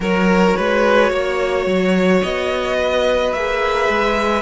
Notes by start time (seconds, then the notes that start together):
0.00 F#3 F#4 A#4 C#5
0.56 G#3 B4
1.10 A#3 C#5
1.66 F#3
2.22 B3 D#5
2.77 B4
3.33 A#3 G#4 E5
3.88 G#3